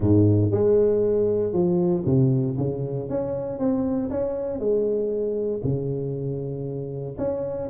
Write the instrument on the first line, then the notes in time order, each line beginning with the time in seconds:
tuba
0.00 G#2
0.51 G#3
1.52 F3
2.05 C3
2.57 C#3
3.09 C#4
3.58 C4
4.10 C#4
4.59 G#3
5.63 C#3
7.17 C#4